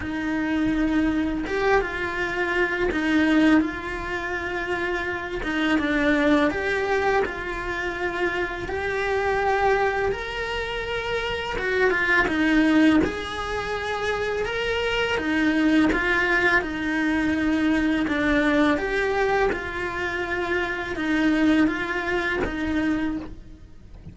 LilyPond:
\new Staff \with { instrumentName = "cello" } { \time 4/4 \tempo 4 = 83 dis'2 g'8 f'4. | dis'4 f'2~ f'8 dis'8 | d'4 g'4 f'2 | g'2 ais'2 |
fis'8 f'8 dis'4 gis'2 | ais'4 dis'4 f'4 dis'4~ | dis'4 d'4 g'4 f'4~ | f'4 dis'4 f'4 dis'4 | }